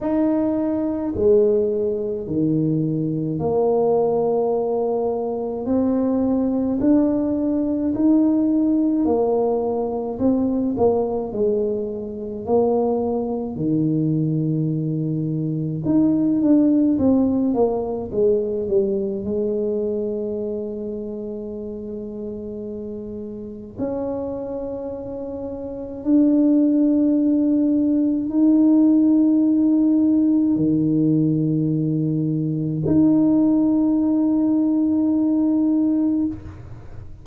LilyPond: \new Staff \with { instrumentName = "tuba" } { \time 4/4 \tempo 4 = 53 dis'4 gis4 dis4 ais4~ | ais4 c'4 d'4 dis'4 | ais4 c'8 ais8 gis4 ais4 | dis2 dis'8 d'8 c'8 ais8 |
gis8 g8 gis2.~ | gis4 cis'2 d'4~ | d'4 dis'2 dis4~ | dis4 dis'2. | }